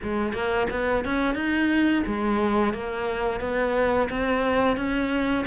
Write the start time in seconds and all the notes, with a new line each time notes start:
0.02 G#3
0.33 A#3
0.70 B3
1.04 C#4
1.34 D#4
2.06 G#3
2.73 A#3
3.40 B3
4.09 C4
4.76 C#4